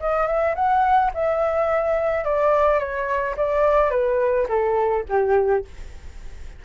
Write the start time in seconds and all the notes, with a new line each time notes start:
0.00 D#5
0.27 E5
0.55 F#5
1.14 E5
2.25 D5
2.79 C#5
3.37 D5
3.90 B4
4.48 A4
5.09 G4